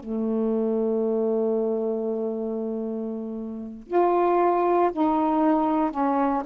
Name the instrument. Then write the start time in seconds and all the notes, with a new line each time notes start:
saxophone
0.00 A3
3.87 F4
4.92 D#4
5.91 C#4